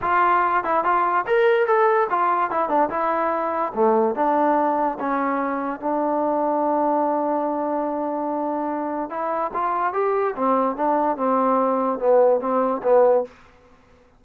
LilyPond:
\new Staff \with { instrumentName = "trombone" } { \time 4/4 \tempo 4 = 145 f'4. e'8 f'4 ais'4 | a'4 f'4 e'8 d'8 e'4~ | e'4 a4 d'2 | cis'2 d'2~ |
d'1~ | d'2 e'4 f'4 | g'4 c'4 d'4 c'4~ | c'4 b4 c'4 b4 | }